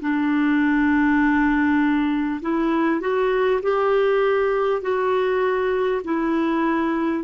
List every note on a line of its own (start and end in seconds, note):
0.00 2.40 D4
2.41 3.01 E4
3.01 3.61 F#4
3.62 4.81 G4
4.81 6.01 F#4
6.04 7.24 E4